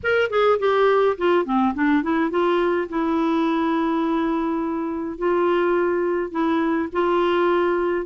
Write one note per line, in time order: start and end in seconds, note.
0.03 0.30 A#4
0.30 0.58 G#4
0.59 1.16 G4
1.17 1.45 F4
1.45 1.74 C4
1.74 2.02 D4
2.02 2.30 E4
2.30 2.87 F4
2.89 5.18 E4
5.18 6.31 F4
6.31 6.88 E4
6.92 8.06 F4